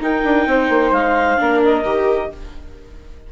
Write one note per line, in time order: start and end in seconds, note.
0.00 0.23 D#4
0.00 1.37 D#4
0.00 0.48 A#4
0.00 0.92 G5
0.24 0.46 D4
0.46 0.69 C4
0.46 1.41 C5
0.69 0.91 A#3
0.91 1.37 G#3
0.91 1.61 F5
1.37 1.84 A#3
1.37 1.83 D4
1.37 2.32 A#4
1.64 2.32 D#5
1.84 2.29 D#3
1.84 2.30 G4